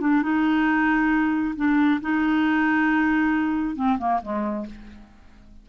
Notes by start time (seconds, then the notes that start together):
0.00 D4
0.22 D#4
1.56 D4
2.01 D#4
3.75 C4
3.98 A#3
4.22 G#3